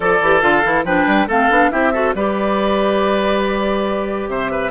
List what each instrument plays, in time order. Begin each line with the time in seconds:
0.00 bassoon F3, clarinet A4, oboe A4, flute D5
0.21 bassoon E3, clarinet G4
0.41 bassoon D3, clarinet F4, flute F5
0.63 bassoon E3, clarinet E4
0.84 bassoon F3, clarinet D4, oboe B4, flute G5
1.06 bassoon G3
1.27 bassoon A3, clarinet C4, oboe A4, flute F5
1.50 bassoon B3, clarinet D4
1.70 bassoon C4, clarinet E4, oboe G4, flute E5
1.92 clarinet F#4, oboe A4
2.14 bassoon G3, clarinet G4, oboe B4, flute D5
4.27 bassoon C3, oboe C5, flute E5
4.51 oboe B4